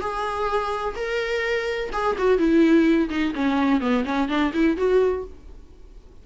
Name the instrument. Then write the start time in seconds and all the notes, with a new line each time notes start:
viola
0.00 G#4
0.95 A#4
1.92 G#4
2.18 F#4
2.38 E4
3.09 D#4
3.35 C#4
3.81 B3
4.05 C#4
4.29 D4
4.54 E4
4.77 F#4